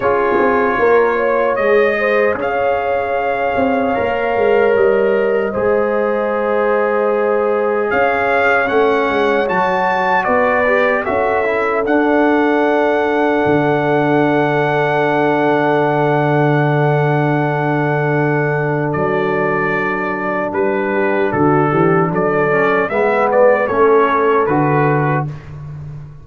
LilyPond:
<<
  \new Staff \with { instrumentName = "trumpet" } { \time 4/4 \tempo 4 = 76 cis''2 dis''4 f''4~ | f''2 dis''2~ | dis''2 f''4 fis''4 | a''4 d''4 e''4 fis''4~ |
fis''1~ | fis''1 | d''2 b'4 a'4 | d''4 e''8 d''8 cis''4 b'4 | }
  \new Staff \with { instrumentName = "horn" } { \time 4/4 gis'4 ais'8 cis''4 c''8 cis''4~ | cis''2. c''4~ | c''2 cis''2~ | cis''4 b'4 a'2~ |
a'1~ | a'1~ | a'2~ a'8 g'8 fis'8 g'8 | a'4 b'4 a'2 | }
  \new Staff \with { instrumentName = "trombone" } { \time 4/4 f'2 gis'2~ | gis'4 ais'2 gis'4~ | gis'2. cis'4 | fis'4. g'8 fis'8 e'8 d'4~ |
d'1~ | d'1~ | d'1~ | d'8 cis'8 b4 cis'4 fis'4 | }
  \new Staff \with { instrumentName = "tuba" } { \time 4/4 cis'8 c'8 ais4 gis4 cis'4~ | cis'8 c'8 ais8 gis8 g4 gis4~ | gis2 cis'4 a8 gis8 | fis4 b4 cis'4 d'4~ |
d'4 d2.~ | d1 | fis2 g4 d8 e8 | fis4 gis4 a4 d4 | }
>>